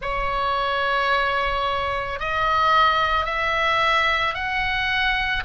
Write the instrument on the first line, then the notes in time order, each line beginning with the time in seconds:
oboe
0.01 C#5
2.19 D#5
3.25 E5
4.34 F#5